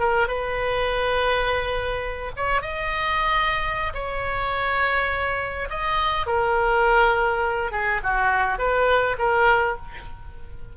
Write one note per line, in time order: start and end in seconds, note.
0.00 0.28 A#4
0.28 2.32 B4
2.37 2.62 C#5
2.62 3.93 D#5
3.95 5.69 C#5
5.70 6.27 D#5
6.27 7.72 A#4
7.72 8.01 G#4
8.03 8.59 F#4
8.59 9.17 B4
9.19 9.77 A#4